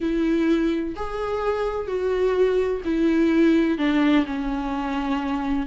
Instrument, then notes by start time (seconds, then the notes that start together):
viola
0.00 E4
0.96 G#4
1.87 F#4
2.84 E4
3.78 D4
4.25 C#4